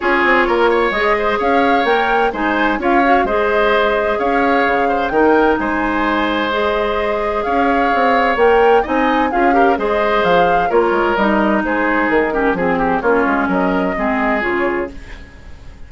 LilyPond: <<
  \new Staff \with { instrumentName = "flute" } { \time 4/4 \tempo 4 = 129 cis''2 dis''4 f''4 | g''4 gis''4 f''4 dis''4~ | dis''4 f''2 g''4 | gis''2 dis''2 |
f''2 g''4 gis''4 | f''4 dis''4 f''4 cis''4 | dis''4 c''4 ais'4 gis'4 | cis''4 dis''2 cis''4 | }
  \new Staff \with { instrumentName = "oboe" } { \time 4/4 gis'4 ais'8 cis''4 c''8 cis''4~ | cis''4 c''4 cis''4 c''4~ | c''4 cis''4. c''8 ais'4 | c''1 |
cis''2. dis''4 | gis'8 ais'8 c''2 ais'4~ | ais'4 gis'4. g'8 gis'8 g'8 | f'4 ais'4 gis'2 | }
  \new Staff \with { instrumentName = "clarinet" } { \time 4/4 f'2 gis'2 | ais'4 dis'4 f'8 fis'8 gis'4~ | gis'2. dis'4~ | dis'2 gis'2~ |
gis'2 ais'4 dis'4 | f'8 g'8 gis'2 f'4 | dis'2~ dis'8 cis'8 c'4 | cis'2 c'4 f'4 | }
  \new Staff \with { instrumentName = "bassoon" } { \time 4/4 cis'8 c'8 ais4 gis4 cis'4 | ais4 gis4 cis'4 gis4~ | gis4 cis'4 cis4 dis4 | gis1 |
cis'4 c'4 ais4 c'4 | cis'4 gis4 f4 ais8 gis8 | g4 gis4 dis4 f4 | ais8 gis8 fis4 gis4 cis4 | }
>>